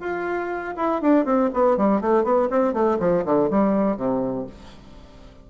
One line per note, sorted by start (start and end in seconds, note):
0.00 0.74 F4
0.77 1.02 E4
1.02 1.25 D4
1.25 1.50 C4
1.53 1.77 B3
1.77 2.01 G3
2.01 2.24 A3
2.24 2.49 B3
2.50 2.74 C4
2.74 2.98 A3
3.00 3.24 F3
3.25 3.50 D3
3.50 3.97 G3
3.97 4.46 C3